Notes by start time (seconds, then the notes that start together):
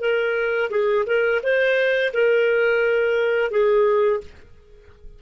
0.00 A#4
0.70 G#4
1.06 A#4
1.43 C5
2.13 A#4
3.51 G#4